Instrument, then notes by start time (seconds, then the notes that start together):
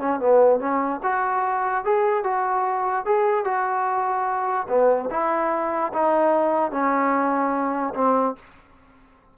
trombone
0.00 C#4
0.20 B3
0.60 C#4
1.03 F#4
1.85 G#4
2.24 F#4
3.06 G#4
3.45 F#4
4.69 B3
5.11 E4
5.93 D#4
6.71 C#4
7.95 C4